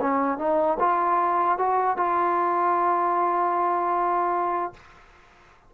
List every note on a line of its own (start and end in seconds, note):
0.00 0.38 C#4
0.38 0.77 D#4
0.79 1.58 F4
1.58 1.97 F#4
1.97 4.73 F4